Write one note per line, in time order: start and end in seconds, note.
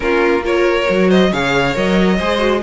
0.00 0.87 A#3
0.00 0.41 C#4
0.00 0.43 F4
0.00 0.44 A#4
0.42 0.86 F4
0.42 1.08 A#4
0.42 1.10 C#5
0.87 1.32 F#3
0.87 1.31 F#4
1.08 1.30 C5
1.08 1.32 D#5
1.31 1.76 C#3
1.31 1.74 G#4
1.31 2.17 C#5
1.31 1.76 F5
1.74 2.19 F#3
1.74 2.18 A#4
1.74 2.62 D#5
2.17 2.62 G#3
2.17 2.38 G#4
2.17 2.61 C5
2.38 2.60 F#4